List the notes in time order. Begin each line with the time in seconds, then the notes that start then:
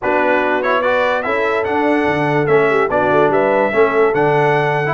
0.01 B3 D4 F#4 B4
0.62 E4 C#5
0.80 F#4 B4 D5
1.22 C#4 E4 A4 E5
1.64 D4 F#5
2.07 D3
2.46 A3 C#4 E5
2.69 G4
2.90 B3 D4 F#4 D5
3.11 A3
3.29 G3 B4 E5
3.71 A3 C#4 A4
4.14 D3 D4 F#5
4.86 E4